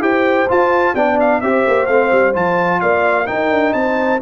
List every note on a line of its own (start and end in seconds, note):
0.00 0.47 E4
0.00 0.47 G4
0.00 0.94 C5
0.00 0.49 G5
0.49 0.95 F4
0.49 0.94 F4
0.49 0.95 A5
0.94 1.41 B3
0.94 1.43 D4
0.94 1.41 D5
0.94 1.19 G5
1.20 1.41 F5
1.41 1.65 C4
1.41 1.88 G4
1.41 2.81 C5
1.41 1.86 E5
1.67 1.88 A#3
1.86 2.11 A3
1.86 2.33 C4
1.86 2.33 F5
2.12 2.35 G3
2.33 2.82 F3
2.33 3.26 F4
2.33 2.81 A5
2.81 3.28 A#3
2.81 3.27 D5
2.81 3.27 F5
3.26 4.19 D#4
3.26 3.50 D#4
3.26 3.75 A#4
3.26 3.73 G5
3.50 3.73 D4
3.73 4.20 C4
3.73 4.21 C5
3.73 4.20 A5